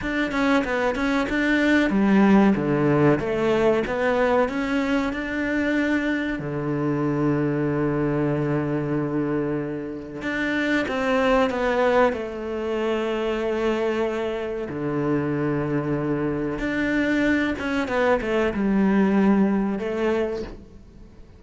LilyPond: \new Staff \with { instrumentName = "cello" } { \time 4/4 \tempo 4 = 94 d'8 cis'8 b8 cis'8 d'4 g4 | d4 a4 b4 cis'4 | d'2 d2~ | d1 |
d'4 c'4 b4 a4~ | a2. d4~ | d2 d'4. cis'8 | b8 a8 g2 a4 | }